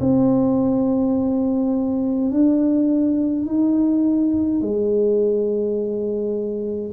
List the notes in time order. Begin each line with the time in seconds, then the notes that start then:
0.00 C4
2.31 D4
3.46 D#4
4.61 G#3